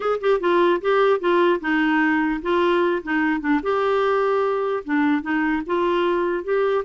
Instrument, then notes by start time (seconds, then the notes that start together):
clarinet
0.00 G#4
0.21 G4
0.40 F4
0.81 G4
1.20 F4
1.60 D#4
2.42 F4
3.03 D#4
3.40 D4
3.62 G4
4.84 D4
5.21 D#4
5.66 F4
6.44 G4